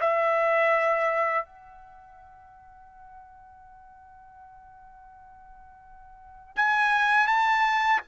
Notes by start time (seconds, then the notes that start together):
0.00 E5
1.45 F#5
6.56 G#5
7.27 A5